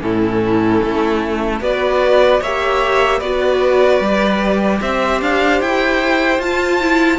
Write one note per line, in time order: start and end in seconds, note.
0.00 0.82 A2
0.00 1.60 C#4
0.00 1.62 E4
0.00 1.63 A4
0.83 1.61 A3
1.61 2.41 B3
1.61 2.42 F#4
1.61 2.41 B4
1.61 2.43 D5
2.41 3.21 A#3
2.41 3.23 G4
2.41 3.19 C#5
2.41 3.20 E5
3.19 4.00 B3
3.19 4.03 F#4
3.19 4.79 B4
3.19 4.80 D5
4.00 4.80 G3
4.00 6.43 G4
4.81 5.21 C4
4.81 7.19 C5
4.81 5.22 E5
5.22 5.61 D4
5.22 5.62 F5
5.61 6.39 E4
5.61 6.41 G5
6.39 7.19 F4
6.39 6.81 F4
6.39 7.19 A5
6.81 7.19 E4